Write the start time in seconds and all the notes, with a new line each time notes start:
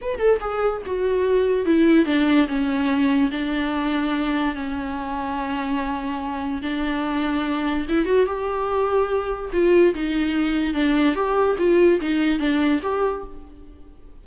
0.01 B4
0.18 A4
0.40 G#4
0.86 F#4
1.65 E4
2.05 D4
2.47 C#4
3.31 D4
4.54 C#4
6.62 D4
7.88 E4
8.05 F#4
8.26 G4
9.52 F4
9.94 D#4
10.74 D4
11.15 G4
11.58 F4
12.00 D#4
12.39 D4
12.82 G4